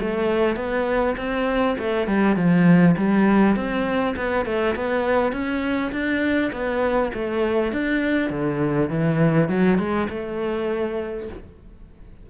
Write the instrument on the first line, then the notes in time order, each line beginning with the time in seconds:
cello
0.00 A3
0.56 B3
1.17 C4
1.78 A3
2.07 G3
2.36 F3
2.97 G3
3.56 C4
4.16 B3
4.46 A3
4.76 B3
5.32 C#4
5.92 D4
6.52 B3
7.14 A3
7.73 D4
8.30 D3
8.90 E3
9.49 F#3
9.78 G#3
10.10 A3